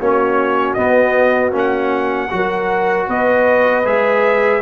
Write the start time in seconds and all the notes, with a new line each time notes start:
0.00 A#3 C#4 F#4 C#5
0.74 B3 D#5
1.52 A#3 C#4
1.58 F#5
2.30 F#3 F#4 A#4
3.08 B3 B4 D#5
3.85 G#3 G#4 E5